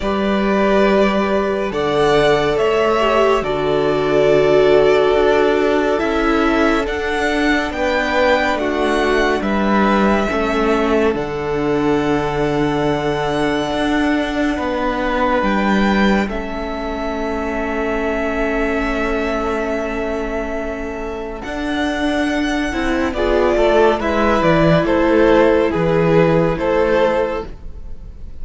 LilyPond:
<<
  \new Staff \with { instrumentName = "violin" } { \time 4/4 \tempo 4 = 70 d''2 fis''4 e''4 | d''2. e''4 | fis''4 g''4 fis''4 e''4~ | e''4 fis''2.~ |
fis''2 g''4 e''4~ | e''1~ | e''4 fis''2 d''4 | e''8 d''8 c''4 b'4 c''4 | }
  \new Staff \with { instrumentName = "violin" } { \time 4/4 b'2 d''4 cis''4 | a'1~ | a'4 b'4 fis'4 b'4 | a'1~ |
a'4 b'2 a'4~ | a'1~ | a'2. gis'8 a'8 | b'4 a'4 gis'4 a'4 | }
  \new Staff \with { instrumentName = "viola" } { \time 4/4 g'2 a'4. g'8 | fis'2. e'4 | d'1 | cis'4 d'2.~ |
d'2. cis'4~ | cis'1~ | cis'4 d'4. e'8 f'4 | e'1 | }
  \new Staff \with { instrumentName = "cello" } { \time 4/4 g2 d4 a4 | d2 d'4 cis'4 | d'4 b4 a4 g4 | a4 d2. |
d'4 b4 g4 a4~ | a1~ | a4 d'4. c'8 b8 a8 | gis8 e8 a4 e4 a4 | }
>>